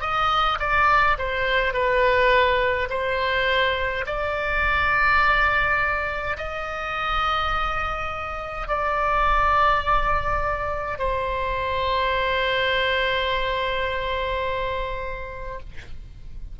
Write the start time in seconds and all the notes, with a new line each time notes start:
0.00 D#5
0.59 D5
1.17 C5
1.73 B4
2.90 C5
4.06 D5
6.37 D#5
8.67 D5
10.98 C5